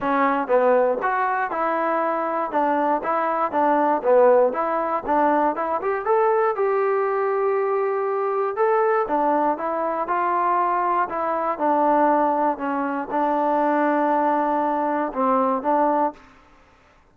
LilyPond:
\new Staff \with { instrumentName = "trombone" } { \time 4/4 \tempo 4 = 119 cis'4 b4 fis'4 e'4~ | e'4 d'4 e'4 d'4 | b4 e'4 d'4 e'8 g'8 | a'4 g'2.~ |
g'4 a'4 d'4 e'4 | f'2 e'4 d'4~ | d'4 cis'4 d'2~ | d'2 c'4 d'4 | }